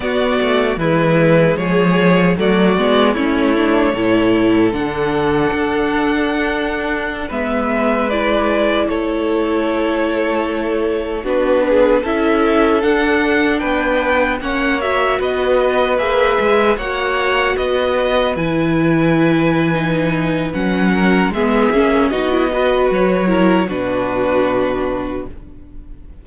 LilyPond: <<
  \new Staff \with { instrumentName = "violin" } { \time 4/4 \tempo 4 = 76 d''4 b'4 cis''4 d''4 | cis''2 fis''2~ | fis''4~ fis''16 e''4 d''4 cis''8.~ | cis''2~ cis''16 b'4 e''8.~ |
e''16 fis''4 g''4 fis''8 e''8 dis''8.~ | dis''16 e''4 fis''4 dis''4 gis''8.~ | gis''2 fis''4 e''4 | dis''4 cis''4 b'2 | }
  \new Staff \with { instrumentName = "violin" } { \time 4/4 fis'4 e'4 gis'4 fis'4 | e'4 a'2.~ | a'4~ a'16 b'2 a'8.~ | a'2~ a'16 fis'8 gis'8 a'8.~ |
a'4~ a'16 b'4 cis''4 b'8.~ | b'4~ b'16 cis''4 b'4.~ b'16~ | b'2~ b'8 ais'8 gis'4 | fis'8 b'4 ais'8 fis'2 | }
  \new Staff \with { instrumentName = "viola" } { \time 4/4 b4 gis2 a8 b8 | cis'8 d'8 e'4 d'2~ | d'4~ d'16 b4 e'4.~ e'16~ | e'2~ e'16 d'4 e'8.~ |
e'16 d'2 cis'8 fis'4~ fis'16~ | fis'16 gis'4 fis'2 e'8.~ | e'4 dis'4 cis'4 b8 cis'8 | dis'16 e'16 fis'4 e'8 d'2 | }
  \new Staff \with { instrumentName = "cello" } { \time 4/4 b8 a8 e4 f4 fis8 gis8 | a4 a,4 d4 d'4~ | d'4~ d'16 gis2 a8.~ | a2~ a16 b4 cis'8.~ |
cis'16 d'4 b4 ais4 b8.~ | b16 ais8 gis8 ais4 b4 e8.~ | e2 fis4 gis8 ais8 | b4 fis4 b,2 | }
>>